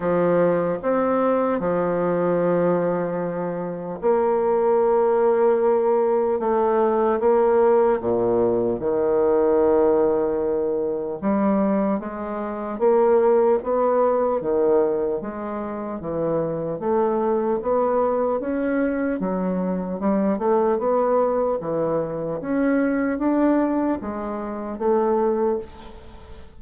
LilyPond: \new Staff \with { instrumentName = "bassoon" } { \time 4/4 \tempo 4 = 75 f4 c'4 f2~ | f4 ais2. | a4 ais4 ais,4 dis4~ | dis2 g4 gis4 |
ais4 b4 dis4 gis4 | e4 a4 b4 cis'4 | fis4 g8 a8 b4 e4 | cis'4 d'4 gis4 a4 | }